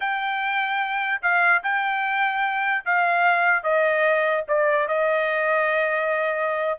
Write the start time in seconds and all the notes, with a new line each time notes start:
0.00 G5
1.22 F5
1.63 G5
2.85 F5
3.63 D#5
4.48 D5
4.88 D#5